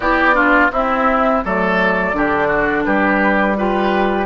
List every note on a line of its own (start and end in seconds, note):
0.00 0.70 B3
0.00 0.33 E4
0.00 0.35 G4
0.00 0.71 D5
0.33 0.69 D4
0.33 0.71 F4
0.71 1.42 C4
0.71 1.44 C4
0.71 1.44 E4
0.71 1.43 E5
1.44 2.13 F#3
1.44 2.13 A3
1.44 2.16 A4
1.44 2.84 D5
2.13 2.84 D3
2.13 3.56 D4
2.13 2.47 G4
2.47 2.83 F#4
2.84 4.25 G3
2.84 3.57 G4
2.84 3.55 B4
3.56 4.25 F4
3.56 4.25 G4
3.56 4.25 B4